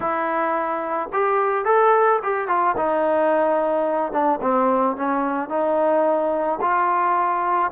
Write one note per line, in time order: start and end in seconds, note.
0.00 1.09 E4
1.13 1.64 G4
1.64 2.19 A4
2.22 2.48 G4
2.48 2.75 F4
2.76 4.12 D#4
4.12 4.39 D4
4.41 4.96 C4
4.96 5.49 C#4
5.49 6.59 D#4
6.61 7.71 F4